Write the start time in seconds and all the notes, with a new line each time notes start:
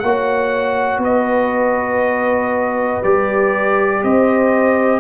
0.00 A#3 F#4 C#5 F#5
0.98 B3 B4
1.04 D#5
3.03 G3 G4 D5
4.03 C4 C5 D#5